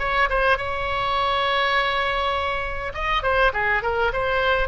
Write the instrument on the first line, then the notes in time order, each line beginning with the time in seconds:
oboe
0.00 C#5
0.30 C5
0.58 C#5
2.95 D#5
3.23 C5
3.54 G#4
3.83 A#4
4.13 C5